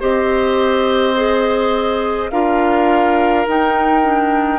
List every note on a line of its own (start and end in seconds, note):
0.00 2.31 C4
0.00 1.16 G4
0.00 2.31 C5
0.00 2.31 D#5
1.16 2.31 G#4
2.31 3.46 D4
2.31 3.46 F4
2.31 4.59 A#4
2.31 3.46 F5
3.46 4.03 D#4
3.46 4.59 D#4
3.46 4.59 G5
4.03 4.59 D4